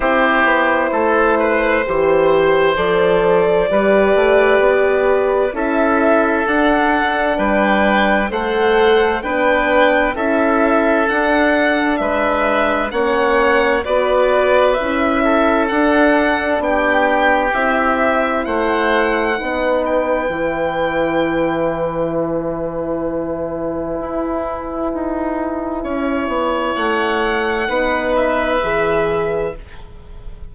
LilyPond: <<
  \new Staff \with { instrumentName = "violin" } { \time 4/4 \tempo 4 = 65 c''2. d''4~ | d''2 e''4 fis''4 | g''4 fis''4 g''4 e''4 | fis''4 e''4 fis''4 d''4 |
e''4 fis''4 g''4 e''4 | fis''4. g''2~ g''8 | gis''1~ | gis''4 fis''4. e''4. | }
  \new Staff \with { instrumentName = "oboe" } { \time 4/4 g'4 a'8 b'8 c''2 | b'2 a'2 | b'4 c''4 b'4 a'4~ | a'4 b'4 cis''4 b'4~ |
b'8 a'4. g'2 | c''4 b'2.~ | b'1 | cis''2 b'2 | }
  \new Staff \with { instrumentName = "horn" } { \time 4/4 e'2 g'4 a'4 | g'2 e'4 d'4~ | d'4 a'4 d'4 e'4 | d'2 cis'4 fis'4 |
e'4 d'2 e'4~ | e'4 dis'4 e'2~ | e'1~ | e'2 dis'4 gis'4 | }
  \new Staff \with { instrumentName = "bassoon" } { \time 4/4 c'8 b8 a4 e4 f4 | g8 a8 b4 cis'4 d'4 | g4 a4 b4 cis'4 | d'4 gis4 ais4 b4 |
cis'4 d'4 b4 c'4 | a4 b4 e2~ | e2 e'4 dis'4 | cis'8 b8 a4 b4 e4 | }
>>